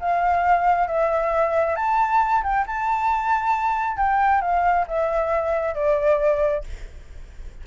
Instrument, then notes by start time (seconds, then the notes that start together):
flute
0.00 F5
0.87 E5
1.76 A5
2.43 G5
2.67 A5
3.97 G5
4.41 F5
4.87 E5
5.75 D5